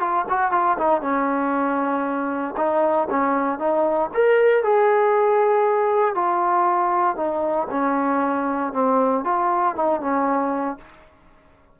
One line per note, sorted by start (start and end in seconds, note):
0.00 0.26 F4
0.29 0.52 F#4
0.52 0.77 F4
0.78 1.01 D#4
1.01 2.55 C#4
2.57 3.08 D#4
3.10 3.59 C#4
3.59 4.10 D#4
4.14 4.63 A#4
4.63 6.15 G#4
6.15 7.16 F4
7.16 7.68 D#4
7.71 8.73 C#4
8.73 9.24 C4
9.25 9.76 F4
9.76 10.01 D#4
10.01 10.78 C#4